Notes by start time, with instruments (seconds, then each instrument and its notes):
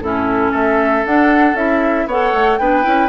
0.00 bassoon A2, clarinet C#4, oboe E4, flute A4
0.51 bassoon A3, oboe A4, flute E5
1.05 bassoon D4, clarinet D4, flute F#5
1.54 bassoon C#4, clarinet E4, flute E5
2.06 bassoon B3, clarinet A4, oboe C#5, flute F#5
2.32 bassoon A3
2.58 bassoon B3, clarinet D4, oboe B4, flute G5
2.82 bassoon C#4, clarinet E4